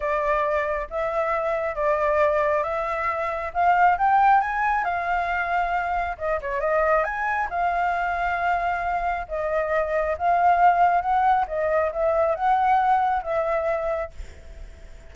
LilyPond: \new Staff \with { instrumentName = "flute" } { \time 4/4 \tempo 4 = 136 d''2 e''2 | d''2 e''2 | f''4 g''4 gis''4 f''4~ | f''2 dis''8 cis''8 dis''4 |
gis''4 f''2.~ | f''4 dis''2 f''4~ | f''4 fis''4 dis''4 e''4 | fis''2 e''2 | }